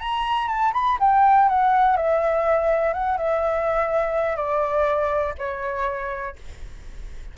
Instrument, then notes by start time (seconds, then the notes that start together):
flute
0.00 A#5
0.48 A5
0.73 B5
1.00 G5
1.49 F#5
1.97 E5
2.94 F#5
3.17 E5
4.36 D5
5.38 C#5